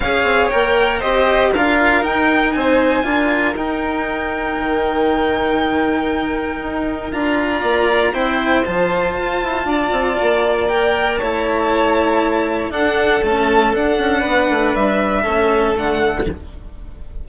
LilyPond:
<<
  \new Staff \with { instrumentName = "violin" } { \time 4/4 \tempo 4 = 118 f''4 g''4 dis''4 f''4 | g''4 gis''2 g''4~ | g''1~ | g''2 ais''2 |
g''4 a''2.~ | a''4 g''4 a''2~ | a''4 fis''4 a''4 fis''4~ | fis''4 e''2 fis''4 | }
  \new Staff \with { instrumentName = "violin" } { \time 4/4 cis''2 c''4 ais'4~ | ais'4 c''4 ais'2~ | ais'1~ | ais'2. d''4 |
c''2. d''4~ | d''2 cis''2~ | cis''4 a'2. | b'2 a'2 | }
  \new Staff \with { instrumentName = "cello" } { \time 4/4 gis'4 ais'4 g'4 f'4 | dis'2 f'4 dis'4~ | dis'1~ | dis'2 f'2 |
e'4 f'2.~ | f'4 ais'4 e'2~ | e'4 d'4 a4 d'4~ | d'2 cis'4 a4 | }
  \new Staff \with { instrumentName = "bassoon" } { \time 4/4 cis'8 c'8 ais4 c'4 d'4 | dis'4 c'4 d'4 dis'4~ | dis'4 dis2.~ | dis4 dis'4 d'4 ais4 |
c'4 f4 f'8 e'8 d'8 c'8 | ais2 a2~ | a4 d'4 cis'4 d'8 cis'8 | b8 a8 g4 a4 d4 | }
>>